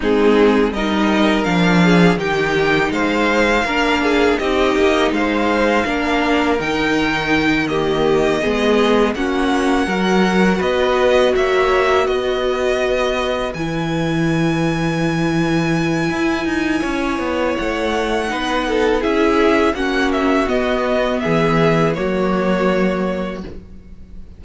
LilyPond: <<
  \new Staff \with { instrumentName = "violin" } { \time 4/4 \tempo 4 = 82 gis'4 dis''4 f''4 g''4 | f''2 dis''4 f''4~ | f''4 g''4. dis''4.~ | dis''8 fis''2 dis''4 e''8~ |
e''8 dis''2 gis''4.~ | gis''1 | fis''2 e''4 fis''8 e''8 | dis''4 e''4 cis''2 | }
  \new Staff \with { instrumentName = "violin" } { \time 4/4 dis'4 ais'4. gis'8 g'4 | c''4 ais'8 gis'8 g'4 c''4 | ais'2~ ais'8 g'4 gis'8~ | gis'8 fis'4 ais'4 b'4 cis''8~ |
cis''8 b'2.~ b'8~ | b'2. cis''4~ | cis''4 b'8 a'8 gis'4 fis'4~ | fis'4 gis'4 fis'2 | }
  \new Staff \with { instrumentName = "viola" } { \time 4/4 c'4 dis'4 d'4 dis'4~ | dis'4 d'4 dis'2 | d'4 dis'4. ais4 b8~ | b8 cis'4 fis'2~ fis'8~ |
fis'2~ fis'8 e'4.~ | e'1~ | e'4 dis'4 e'4 cis'4 | b2 ais2 | }
  \new Staff \with { instrumentName = "cello" } { \time 4/4 gis4 g4 f4 dis4 | gis4 ais4 c'8 ais8 gis4 | ais4 dis2~ dis8 gis8~ | gis8 ais4 fis4 b4 ais8~ |
ais8 b2 e4.~ | e2 e'8 dis'8 cis'8 b8 | a4 b4 cis'4 ais4 | b4 e4 fis2 | }
>>